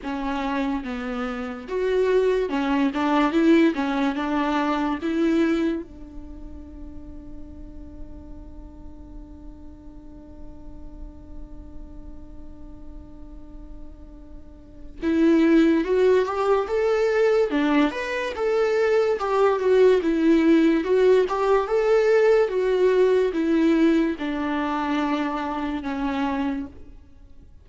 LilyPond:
\new Staff \with { instrumentName = "viola" } { \time 4/4 \tempo 4 = 72 cis'4 b4 fis'4 cis'8 d'8 | e'8 cis'8 d'4 e'4 d'4~ | d'1~ | d'1~ |
d'2 e'4 fis'8 g'8 | a'4 d'8 b'8 a'4 g'8 fis'8 | e'4 fis'8 g'8 a'4 fis'4 | e'4 d'2 cis'4 | }